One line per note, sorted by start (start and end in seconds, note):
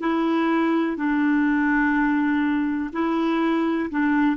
0.00 0.97 E4
0.97 2.90 D4
2.93 3.90 E4
3.91 4.36 D4